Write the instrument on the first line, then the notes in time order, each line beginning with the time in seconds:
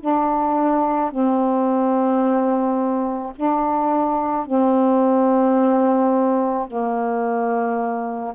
saxophone
0.00 D4
1.11 C4
3.35 D4
4.45 C4
6.67 A#3